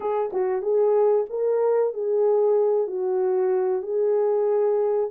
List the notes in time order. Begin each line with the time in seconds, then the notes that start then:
0.00 G#4
0.32 F#4
0.62 G#4
1.29 A#4
1.93 G#4
2.87 F#4
3.82 G#4